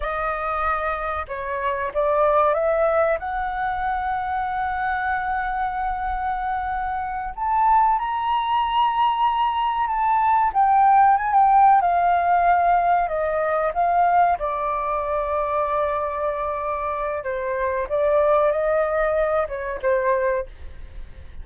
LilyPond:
\new Staff \with { instrumentName = "flute" } { \time 4/4 \tempo 4 = 94 dis''2 cis''4 d''4 | e''4 fis''2.~ | fis''2.~ fis''8 a''8~ | a''8 ais''2. a''8~ |
a''8 g''4 gis''16 g''8. f''4.~ | f''8 dis''4 f''4 d''4.~ | d''2. c''4 | d''4 dis''4. cis''8 c''4 | }